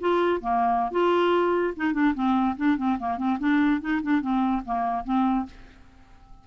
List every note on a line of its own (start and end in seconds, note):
0.00 0.41 F4
0.41 0.91 A#3
0.91 1.74 F4
1.76 1.93 D#4
1.93 2.14 D4
2.15 2.56 C4
2.57 2.77 D4
2.77 2.98 C4
2.99 3.18 A#3
3.18 3.38 C4
3.39 3.81 D4
3.81 4.01 D#4
4.03 4.21 D4
4.21 4.63 C4
4.65 5.04 A#3
5.04 5.45 C4